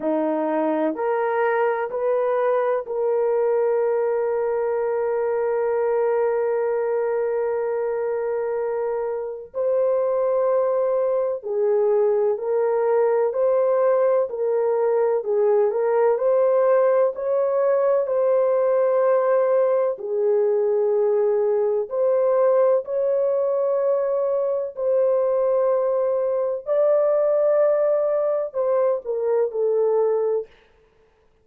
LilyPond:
\new Staff \with { instrumentName = "horn" } { \time 4/4 \tempo 4 = 63 dis'4 ais'4 b'4 ais'4~ | ais'1~ | ais'2 c''2 | gis'4 ais'4 c''4 ais'4 |
gis'8 ais'8 c''4 cis''4 c''4~ | c''4 gis'2 c''4 | cis''2 c''2 | d''2 c''8 ais'8 a'4 | }